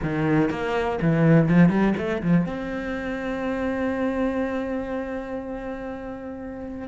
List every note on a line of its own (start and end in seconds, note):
0.02 0.50 D#3
0.50 0.99 A#3
1.01 1.48 E3
1.48 1.69 F3
1.69 1.94 G3
1.97 2.22 A3
2.22 2.46 F3
2.46 6.88 C4